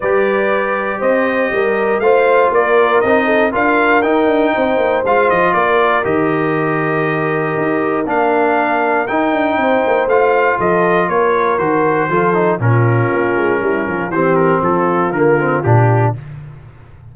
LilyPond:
<<
  \new Staff \with { instrumentName = "trumpet" } { \time 4/4 \tempo 4 = 119 d''2 dis''2 | f''4 d''4 dis''4 f''4 | g''2 f''8 dis''8 d''4 | dis''1 |
f''2 g''2 | f''4 dis''4 cis''4 c''4~ | c''4 ais'2. | c''8 ais'8 a'4 ais'4 g'4 | }
  \new Staff \with { instrumentName = "horn" } { \time 4/4 b'2 c''4 ais'4 | c''4 ais'4. a'8 ais'4~ | ais'4 c''2 ais'4~ | ais'1~ |
ais'2. c''4~ | c''4 a'4 ais'2 | a'4 f'2 e'8 f'8 | g'4 f'2. | }
  \new Staff \with { instrumentName = "trombone" } { \time 4/4 g'1 | f'2 dis'4 f'4 | dis'2 f'2 | g'1 |
d'2 dis'2 | f'2. fis'4 | f'8 dis'8 cis'2. | c'2 ais8 c'8 d'4 | }
  \new Staff \with { instrumentName = "tuba" } { \time 4/4 g2 c'4 g4 | a4 ais4 c'4 d'4 | dis'8 d'8 c'8 ais8 gis8 f8 ais4 | dis2. dis'4 |
ais2 dis'8 d'8 c'8 ais8 | a4 f4 ais4 dis4 | f4 ais,4 ais8 gis8 g8 f8 | e4 f4 d4 ais,4 | }
>>